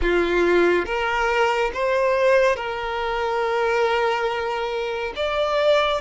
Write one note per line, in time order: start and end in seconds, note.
0.01 0.85 F4
0.85 1.71 A#4
1.73 2.56 C5
2.56 5.13 A#4
5.15 6.01 D5